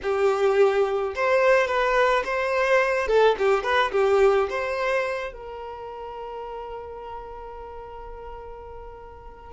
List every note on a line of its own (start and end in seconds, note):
0.02 1.14 G4
1.15 1.67 C5
1.67 2.23 B4
2.25 3.07 C5
3.07 3.35 A4
3.38 3.63 G4
3.63 3.91 B4
3.91 4.47 G4
4.49 5.33 C5
5.33 9.53 A#4